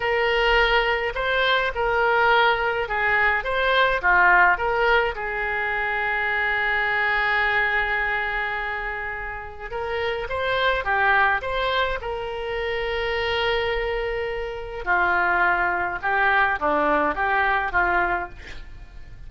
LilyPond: \new Staff \with { instrumentName = "oboe" } { \time 4/4 \tempo 4 = 105 ais'2 c''4 ais'4~ | ais'4 gis'4 c''4 f'4 | ais'4 gis'2.~ | gis'1~ |
gis'4 ais'4 c''4 g'4 | c''4 ais'2.~ | ais'2 f'2 | g'4 d'4 g'4 f'4 | }